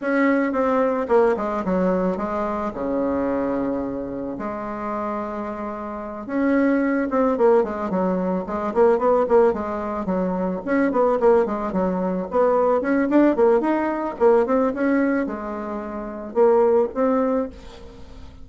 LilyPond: \new Staff \with { instrumentName = "bassoon" } { \time 4/4 \tempo 4 = 110 cis'4 c'4 ais8 gis8 fis4 | gis4 cis2. | gis2.~ gis8 cis'8~ | cis'4 c'8 ais8 gis8 fis4 gis8 |
ais8 b8 ais8 gis4 fis4 cis'8 | b8 ais8 gis8 fis4 b4 cis'8 | d'8 ais8 dis'4 ais8 c'8 cis'4 | gis2 ais4 c'4 | }